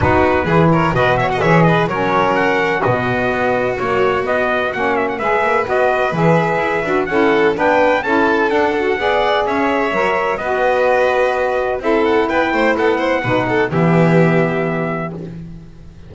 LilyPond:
<<
  \new Staff \with { instrumentName = "trumpet" } { \time 4/4 \tempo 4 = 127 b'4. cis''8 dis''8 e''16 fis''16 e''8 dis''8 | cis''4 fis''4 dis''2 | cis''4 dis''4 fis''8 e''16 fis''16 e''4 | dis''4 e''2 fis''4 |
g''4 a''4 fis''2 | e''2 dis''2~ | dis''4 e''8 fis''8 g''4 fis''4~ | fis''4 e''2. | }
  \new Staff \with { instrumentName = "violin" } { \time 4/4 fis'4 gis'8 ais'8 b'8 cis''16 dis''16 cis''8 b'8 | ais'2 fis'2~ | fis'2. b'4~ | b'2. a'4 |
b'4 a'2 d''4 | cis''2 b'2~ | b'4 a'4 b'8 c''8 a'8 c''8 | b'8 a'8 g'2. | }
  \new Staff \with { instrumentName = "saxophone" } { \time 4/4 dis'4 e'4 fis'4 gis'4 | cis'2 b2 | fis4 b4 cis'4 gis'4 | fis'4 gis'4. fis'8 e'4 |
d'4 e'4 d'8 fis'8 gis'4~ | gis'4 ais'4 fis'2~ | fis'4 e'2. | dis'4 b2. | }
  \new Staff \with { instrumentName = "double bass" } { \time 4/4 b4 e4 b,4 e4 | fis2 b,4 b4 | ais4 b4 ais4 gis8 ais8 | b4 e4 e'8 d'8 cis'4 |
b4 cis'4 d'4 b4 | cis'4 fis4 b2~ | b4 c'4 b8 a8 b4 | b,4 e2. | }
>>